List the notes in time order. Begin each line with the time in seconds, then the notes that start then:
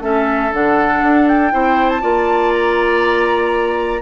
0.00 A3 C#4 A4 E5
0.52 D3 D4 F#5
1.02 D4
1.28 G5
1.51 C4 E4 C5
1.89 A5
2.01 A#3 F4 D5
2.52 A#5